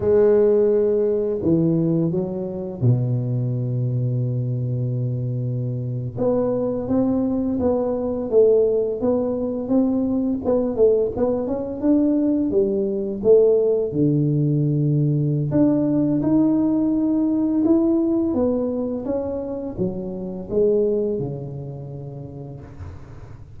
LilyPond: \new Staff \with { instrumentName = "tuba" } { \time 4/4 \tempo 4 = 85 gis2 e4 fis4 | b,1~ | b,8. b4 c'4 b4 a16~ | a8. b4 c'4 b8 a8 b16~ |
b16 cis'8 d'4 g4 a4 d16~ | d2 d'4 dis'4~ | dis'4 e'4 b4 cis'4 | fis4 gis4 cis2 | }